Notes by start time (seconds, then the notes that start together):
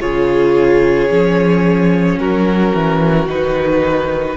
0.00 C#3 F4 G#4 C#5
1.10 F3 C#4
2.18 F#3 F#4 A#4
2.75 E3
3.26 D#3 D#4 B4